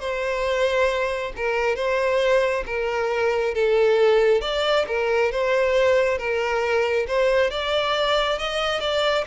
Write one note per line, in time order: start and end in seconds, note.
0.00 1.32 C5
1.36 1.76 A#4
1.76 2.64 C5
2.66 3.55 A#4
3.55 4.42 A4
4.42 4.86 D5
4.87 5.31 A#4
5.31 6.18 C5
6.18 7.06 A#4
7.07 7.50 C5
7.50 8.38 D5
8.38 8.80 D#5
8.80 9.24 D5